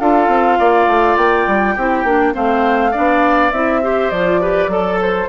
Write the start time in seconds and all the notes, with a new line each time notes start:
0.00 D4 F4 A4 F5
0.28 C4
0.59 A#3 D5
0.87 A3
1.17 A#3 G5
1.47 G3
1.75 C4 E4 G4
2.04 A#3 D4
2.33 A3 C4 C5 F5
2.92 B3 D4 D5
3.52 C4 E4 E5
3.83 G4 C5
4.11 F3 F4 D5
4.41 G4 B4
4.68 F#3 A4
5.01 C5